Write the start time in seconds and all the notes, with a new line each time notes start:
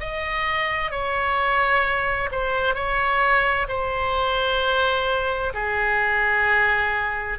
0.00 D#5
0.91 C#5
2.32 C5
2.75 C#5
3.69 C5
5.54 G#4